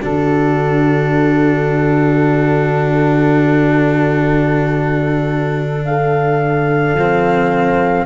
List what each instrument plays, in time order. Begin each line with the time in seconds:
0.00 tuba D3, cello D4, horn F#4, flute A4
5.85 horn A4, flute F5
6.94 tuba F3, cello C4